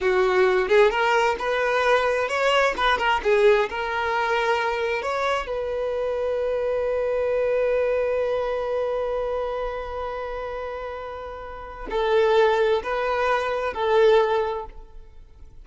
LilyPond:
\new Staff \with { instrumentName = "violin" } { \time 4/4 \tempo 4 = 131 fis'4. gis'8 ais'4 b'4~ | b'4 cis''4 b'8 ais'8 gis'4 | ais'2. cis''4 | b'1~ |
b'1~ | b'1~ | b'2 a'2 | b'2 a'2 | }